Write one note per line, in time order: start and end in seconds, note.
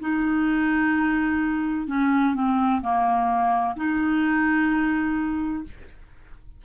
0.00 1.87 D#4
1.87 2.34 C#4
2.34 2.81 C4
2.82 3.75 A#3
3.76 5.64 D#4